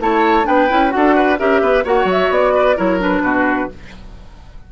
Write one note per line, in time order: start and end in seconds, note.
0.00 0.46 A3
0.00 0.44 E4
0.00 0.47 C#5
0.00 0.47 A5
0.44 0.70 B3
0.44 0.67 D4
0.44 0.93 B4
0.44 0.92 G5
0.70 0.95 C#4
0.70 0.90 E4
0.90 1.40 D4
0.90 1.36 F#4
0.90 1.38 F#5
0.96 1.16 A4
1.16 1.39 B4
1.39 1.61 C#4
1.39 1.85 G4
1.39 1.62 A#4
1.39 1.85 E5
1.61 1.84 B3
1.61 1.84 B4
1.84 2.05 A#3
1.84 2.77 F#4
1.84 2.54 C#5
1.84 2.10 F#5
2.05 2.28 F#3
2.11 2.33 E5
2.30 2.77 B3
2.30 2.79 D5
2.55 2.77 B4
2.77 3.22 F#3
2.77 3.00 E4
2.77 3.23 A#4
2.77 3.02 C#5
3.00 3.69 D4
3.00 3.72 B4
3.22 3.68 B2
3.22 3.70 F#4